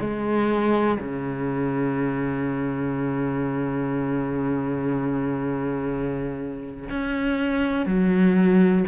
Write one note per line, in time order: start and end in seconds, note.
0.00 0.98 G#3
0.99 6.89 C#3
6.89 7.86 C#4
7.86 8.84 F#3